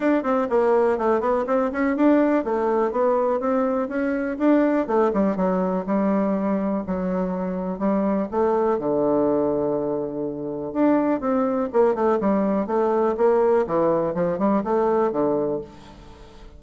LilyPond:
\new Staff \with { instrumentName = "bassoon" } { \time 4/4 \tempo 4 = 123 d'8 c'8 ais4 a8 b8 c'8 cis'8 | d'4 a4 b4 c'4 | cis'4 d'4 a8 g8 fis4 | g2 fis2 |
g4 a4 d2~ | d2 d'4 c'4 | ais8 a8 g4 a4 ais4 | e4 f8 g8 a4 d4 | }